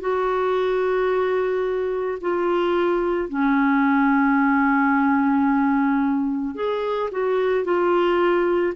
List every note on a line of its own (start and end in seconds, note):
0.00 2.18 F#4
2.21 3.29 F4
3.29 6.55 C#4
6.55 7.10 G#4
7.12 7.65 F#4
7.65 8.74 F4